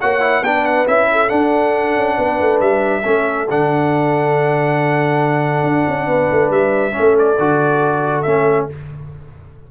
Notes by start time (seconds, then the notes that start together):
0.00 A#3 F#4 C#5 F#5
0.21 E4
0.42 B3 D4 B4 G5
0.65 F#5
0.87 C#4 E4 E5
1.12 A4
1.30 D4 F#5
1.96 C#4
2.17 B3 B4
2.41 A3
2.61 G3 E5
3.03 A3 C#4 A4
3.50 D3 D4 F#5
5.64 D4
5.89 C#4
6.07 B3 B4
6.32 A3
6.50 G3 E5
6.92 C#4 A4
6.99 A3
7.19 D5
7.39 D3 F#4
8.22 A3 C#4 E5